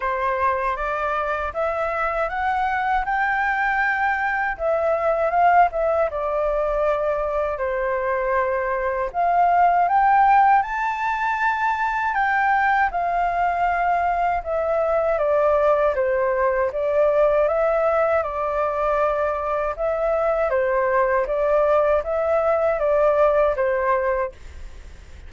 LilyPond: \new Staff \with { instrumentName = "flute" } { \time 4/4 \tempo 4 = 79 c''4 d''4 e''4 fis''4 | g''2 e''4 f''8 e''8 | d''2 c''2 | f''4 g''4 a''2 |
g''4 f''2 e''4 | d''4 c''4 d''4 e''4 | d''2 e''4 c''4 | d''4 e''4 d''4 c''4 | }